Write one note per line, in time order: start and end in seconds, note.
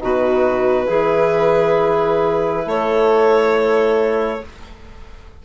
0.00 0.89 B2
0.00 0.87 D#4
0.00 0.87 F#4
0.00 2.69 B4
0.87 2.66 E3
0.87 4.40 E4
0.87 2.64 G#4
2.66 4.42 A3
2.66 4.44 A4
2.66 4.45 C#5